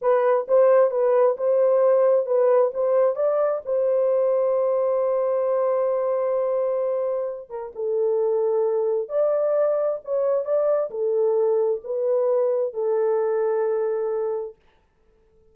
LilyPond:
\new Staff \with { instrumentName = "horn" } { \time 4/4 \tempo 4 = 132 b'4 c''4 b'4 c''4~ | c''4 b'4 c''4 d''4 | c''1~ | c''1~ |
c''8 ais'8 a'2. | d''2 cis''4 d''4 | a'2 b'2 | a'1 | }